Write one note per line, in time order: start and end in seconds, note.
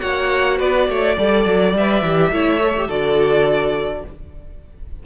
0.00 0.59 A#3
0.00 1.15 F#4
0.00 0.58 C#5
0.00 0.58 F#5
0.58 0.88 B3
0.58 0.86 B4
0.58 1.74 D5
0.88 1.17 A3
0.88 1.15 C#5
1.15 1.45 G3
1.15 1.75 A4
1.15 2.30 D5
1.45 1.73 F#3
1.73 2.02 G3
1.73 2.04 B4
1.73 2.90 E5
2.02 2.31 E3
2.02 2.33 G4
2.31 2.87 A3
2.31 2.60 E4
2.31 2.87 C#5
2.60 2.74 A4
2.77 2.89 G4
2.87 4.03 D3
2.87 4.04 F#4
2.87 4.02 A4
2.87 4.05 D5